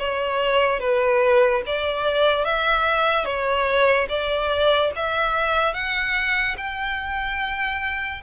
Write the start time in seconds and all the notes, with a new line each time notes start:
0.00 C#5
0.80 B4
1.67 D5
2.45 E5
3.25 C#5
4.09 D5
4.96 E5
5.74 F#5
6.58 G5